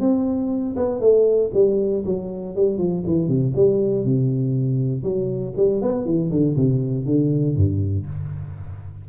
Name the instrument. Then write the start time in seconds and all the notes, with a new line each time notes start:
tuba
0.00 C4
0.77 B3
1.01 A3
1.54 G3
2.05 F#3
2.56 G3
2.78 F3
3.07 E3
3.28 C3
3.56 G3
4.05 C3
5.04 F#3
5.57 G3
5.82 B3
6.05 E3
6.31 D3
6.57 C3
7.06 D3
7.56 G2